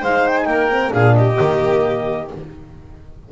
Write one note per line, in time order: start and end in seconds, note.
0.00 0.47 G#3
0.00 0.71 D#4
0.00 0.45 C5
0.00 0.27 F5
0.27 0.37 G5
0.37 0.46 G#5
0.46 0.92 A#3
0.46 0.93 A#4
0.46 0.91 G5
0.71 0.90 C4
0.90 1.40 A#2
0.90 1.36 D4
0.90 1.16 G#4
0.90 1.15 F5
1.15 2.32 G4
1.15 2.29 D#5
1.38 2.32 D#3
1.38 2.29 A#3